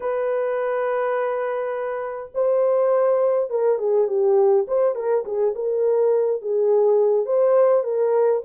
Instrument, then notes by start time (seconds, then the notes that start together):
horn
0.00 B4
2.34 C5
3.50 A#4
3.78 G#4
4.07 G4
4.67 C5
4.95 A#4
5.25 G#4
5.55 A#4
6.41 G#4
7.25 C5
7.83 A#4